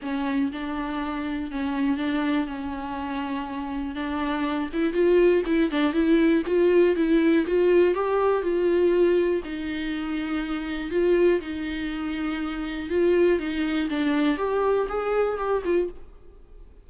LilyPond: \new Staff \with { instrumentName = "viola" } { \time 4/4 \tempo 4 = 121 cis'4 d'2 cis'4 | d'4 cis'2. | d'4. e'8 f'4 e'8 d'8 | e'4 f'4 e'4 f'4 |
g'4 f'2 dis'4~ | dis'2 f'4 dis'4~ | dis'2 f'4 dis'4 | d'4 g'4 gis'4 g'8 f'8 | }